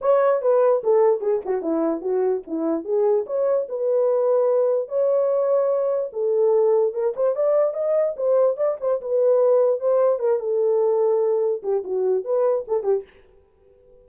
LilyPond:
\new Staff \with { instrumentName = "horn" } { \time 4/4 \tempo 4 = 147 cis''4 b'4 a'4 gis'8 fis'8 | e'4 fis'4 e'4 gis'4 | cis''4 b'2. | cis''2. a'4~ |
a'4 ais'8 c''8 d''4 dis''4 | c''4 d''8 c''8 b'2 | c''4 ais'8 a'2~ a'8~ | a'8 g'8 fis'4 b'4 a'8 g'8 | }